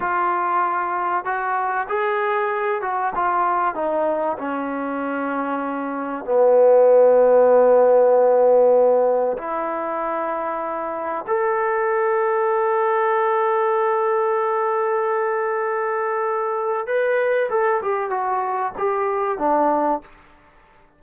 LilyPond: \new Staff \with { instrumentName = "trombone" } { \time 4/4 \tempo 4 = 96 f'2 fis'4 gis'4~ | gis'8 fis'8 f'4 dis'4 cis'4~ | cis'2 b2~ | b2. e'4~ |
e'2 a'2~ | a'1~ | a'2. b'4 | a'8 g'8 fis'4 g'4 d'4 | }